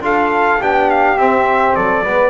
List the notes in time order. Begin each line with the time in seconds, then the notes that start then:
0.00 D4 F4 A4 F5
0.60 B3 D4 G4 G5
0.90 F5
1.17 C4 E5
1.75 F#3 A4 D5
2.03 G#3 B3 B4